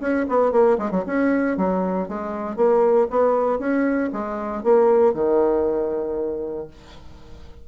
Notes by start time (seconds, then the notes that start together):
0.00 C#4
0.29 B3
0.52 A#3
0.78 G#3
0.91 F#3
1.06 C#4
1.57 F#3
2.08 G#3
2.56 A#3
3.10 B3
3.59 C#4
4.13 G#3
4.63 A#3
5.14 D#3